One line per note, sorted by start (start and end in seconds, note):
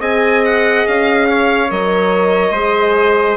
0.00 0.85 C4
0.00 1.69 G#4
0.00 1.27 D#5
0.00 0.44 G#5
0.45 0.87 F#5
0.87 1.71 C#4
0.87 1.70 F5
1.29 2.52 C#5
1.70 2.51 F#3
1.70 2.55 A#4
1.70 3.37 D#5
2.51 3.35 G#3
2.51 3.37 G#4
2.51 3.37 C5